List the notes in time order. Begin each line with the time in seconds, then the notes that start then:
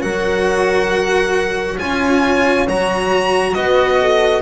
0.00 F#3 F#4 A#4 F#5
1.78 C#4 F4 C#5 G#5
2.67 F#3 F#4 A#5
3.53 B3 B4 D#5
4.00 A4